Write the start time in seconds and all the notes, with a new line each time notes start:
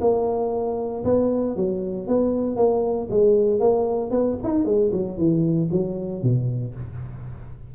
0.00 A#3
1.04 B3
1.56 F#3
2.07 B3
2.56 A#3
3.10 G#3
3.59 A#3
4.10 B3
4.43 D#4
4.65 G#3
4.92 F#3
5.17 E3
5.71 F#3
6.22 B2